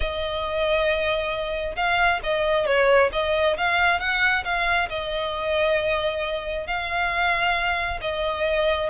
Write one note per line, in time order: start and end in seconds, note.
0.00 1.75 D#5
1.76 2.20 F5
2.23 2.66 D#5
2.66 3.10 C#5
3.12 3.56 D#5
3.57 3.99 F5
3.99 4.44 F#5
4.44 4.88 F5
4.89 6.66 D#5
6.66 8.00 F5
8.01 8.89 D#5